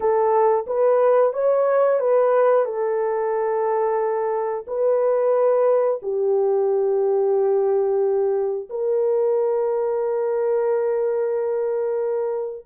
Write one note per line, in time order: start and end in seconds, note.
0.00 0.66 A4
0.67 1.33 B4
1.33 1.99 C#5
1.99 2.65 B4
2.65 4.65 A4
4.67 6.00 B4
6.02 8.68 G4
8.69 12.65 A#4